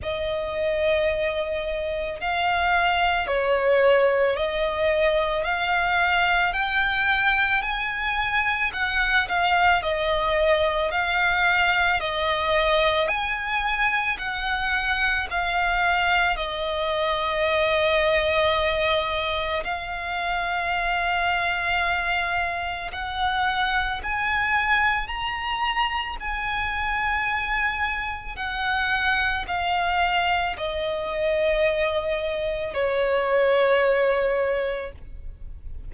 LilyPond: \new Staff \with { instrumentName = "violin" } { \time 4/4 \tempo 4 = 55 dis''2 f''4 cis''4 | dis''4 f''4 g''4 gis''4 | fis''8 f''8 dis''4 f''4 dis''4 | gis''4 fis''4 f''4 dis''4~ |
dis''2 f''2~ | f''4 fis''4 gis''4 ais''4 | gis''2 fis''4 f''4 | dis''2 cis''2 | }